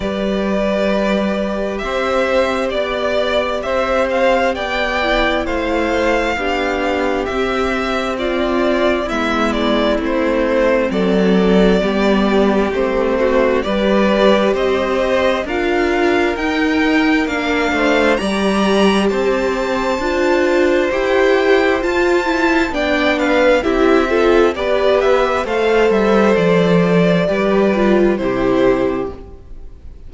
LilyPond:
<<
  \new Staff \with { instrumentName = "violin" } { \time 4/4 \tempo 4 = 66 d''2 e''4 d''4 | e''8 f''8 g''4 f''2 | e''4 d''4 e''8 d''8 c''4 | d''2 c''4 d''4 |
dis''4 f''4 g''4 f''4 | ais''4 a''2 g''4 | a''4 g''8 f''8 e''4 d''8 e''8 | f''8 e''8 d''2 c''4 | }
  \new Staff \with { instrumentName = "violin" } { \time 4/4 b'2 c''4 d''4 | c''4 d''4 c''4 g'4~ | g'4 f'4 e'2 | a'4 g'4. fis'8 b'4 |
c''4 ais'2~ ais'8 c''8 | d''4 c''2.~ | c''4 d''8 b'8 g'8 a'8 b'4 | c''2 b'4 g'4 | }
  \new Staff \with { instrumentName = "viola" } { \time 4/4 g'1~ | g'4. e'4. d'4 | c'2 b4 c'4~ | c'4 b4 c'4 g'4~ |
g'4 f'4 dis'4 d'4 | g'2 f'4 g'4 | f'8 e'8 d'4 e'8 f'8 g'4 | a'2 g'8 f'8 e'4 | }
  \new Staff \with { instrumentName = "cello" } { \time 4/4 g2 c'4 b4 | c'4 b4 a4 b4 | c'2 gis4 a4 | fis4 g4 a4 g4 |
c'4 d'4 dis'4 ais8 a8 | g4 c'4 d'4 e'4 | f'4 b4 c'4 b4 | a8 g8 f4 g4 c4 | }
>>